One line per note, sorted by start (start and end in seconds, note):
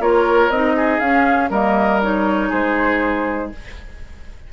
0.00 0.50 A#3
0.00 0.51 F4
0.00 0.76 A#4
0.00 0.50 C#5
0.50 1.00 C4
0.50 1.02 D#4
0.50 0.99 D#5
0.76 1.50 G#4
0.99 1.50 C#4
0.99 1.51 C#4
0.99 1.49 F5
1.50 2.50 G3
1.50 2.01 A#3
1.50 2.49 A#4
1.50 2.02 D#5
2.02 3.52 D#4
2.02 2.52 C#5
2.49 3.53 G#3
2.49 3.49 G#4
2.49 3.52 C5